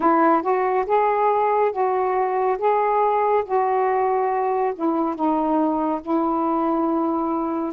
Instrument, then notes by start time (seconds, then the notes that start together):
saxophone
0.00 E4
0.42 F#4
0.86 G#4
1.71 F#4
2.58 G#4
3.44 F#4
4.75 E4
5.15 D#4
6.01 E4